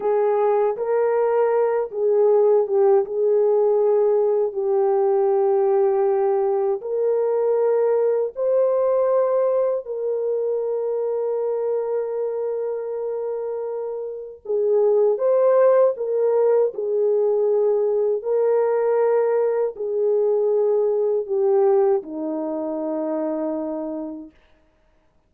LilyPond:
\new Staff \with { instrumentName = "horn" } { \time 4/4 \tempo 4 = 79 gis'4 ais'4. gis'4 g'8 | gis'2 g'2~ | g'4 ais'2 c''4~ | c''4 ais'2.~ |
ais'2. gis'4 | c''4 ais'4 gis'2 | ais'2 gis'2 | g'4 dis'2. | }